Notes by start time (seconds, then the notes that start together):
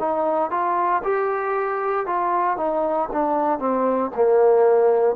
0.00 D#4
0.51 F4
1.03 G4
2.07 F4
2.58 D#4
3.13 D4
3.59 C4
4.16 A#3